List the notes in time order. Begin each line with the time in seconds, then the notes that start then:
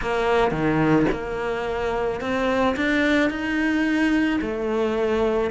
0.01 A#3
0.51 D#3
1.12 A#3
2.20 C4
2.76 D4
3.30 D#4
4.41 A3